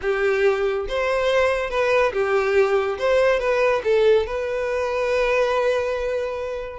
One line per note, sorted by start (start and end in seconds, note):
0.01 0.86 G4
0.88 1.69 C5
1.69 2.12 B4
2.13 2.98 G4
2.98 3.39 C5
3.39 3.82 B4
3.84 4.26 A4
4.26 6.79 B4